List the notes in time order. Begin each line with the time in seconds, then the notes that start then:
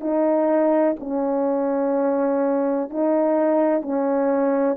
0.00 D#4
0.99 C#4
2.89 D#4
3.81 C#4